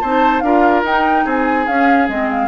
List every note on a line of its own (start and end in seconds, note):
0.00 0.42 C4
0.00 0.44 D#4
0.00 0.43 C5
0.00 0.40 A5
0.40 0.83 D4
0.40 0.85 F4
0.40 1.25 A#4
0.40 0.82 F5
0.83 1.25 D#4
0.83 1.68 D#4
0.83 1.28 G5
1.25 1.67 C4
1.25 2.48 G#4
1.25 1.67 G#5
1.67 2.08 C#4
1.67 2.09 C#4
1.67 2.09 F5
2.08 2.48 G#3
2.08 2.48 C4
2.08 2.30 D#5
2.30 2.48 F5